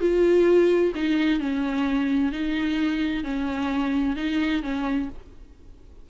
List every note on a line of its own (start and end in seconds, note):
0.00 0.92 F4
0.95 1.40 D#4
1.40 2.32 C#4
2.32 3.23 D#4
3.23 4.16 C#4
4.16 4.62 D#4
4.62 5.09 C#4